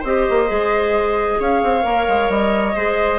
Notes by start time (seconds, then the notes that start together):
0.00 C4 G4 C5 D#5
0.30 A#3
0.47 G#3 G#4
1.40 C#4 C#5 F5
1.63 C4
1.82 A#3 A#4
2.08 G#3
2.29 G3 D#5
2.76 G#3 G#4 C5